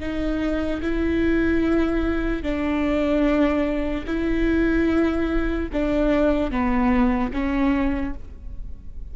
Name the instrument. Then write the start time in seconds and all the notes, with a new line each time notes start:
viola
0.00 D#4
0.82 E4
2.43 D4
4.07 E4
5.73 D4
6.51 B3
7.33 C#4